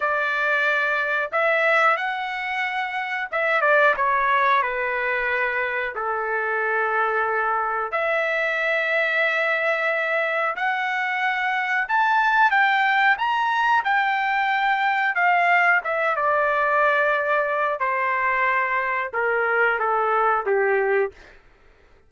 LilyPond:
\new Staff \with { instrumentName = "trumpet" } { \time 4/4 \tempo 4 = 91 d''2 e''4 fis''4~ | fis''4 e''8 d''8 cis''4 b'4~ | b'4 a'2. | e''1 |
fis''2 a''4 g''4 | ais''4 g''2 f''4 | e''8 d''2~ d''8 c''4~ | c''4 ais'4 a'4 g'4 | }